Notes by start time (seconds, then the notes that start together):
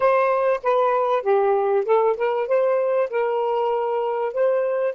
0.00 C5
0.63 B4
1.22 G4
1.85 A4
2.16 A#4
2.47 C5
3.09 A#4
4.33 C5